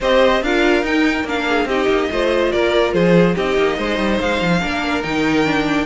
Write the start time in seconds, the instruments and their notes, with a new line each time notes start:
0.00 cello C4, viola G4, violin C5 D#5
0.42 cello D4, viola F4, violin A#4 F5
0.82 cello D#4, viola D#4, violin G5
1.24 cello A#3, viola D4, violin F5
1.48 violin G#4
1.65 cello C4, viola D#4, violin G4 D#5
1.88 cello A#3
2.10 cello A3, viola F4, violin C5
2.51 cello A#3, violin A#4 D5
2.93 cello F3, violin G#4 C5
3.35 cello C4, viola D#4, violin G4 D#5
3.57 cello A#3
3.77 cello G#3, violin C5
3.97 cello G3
4.20 cello G#3, violin F5
4.41 cello F3
4.61 cello A#3, viola D4, violin A#4
5.02 cello D#3, viola D#4, violin G5
5.44 viola D4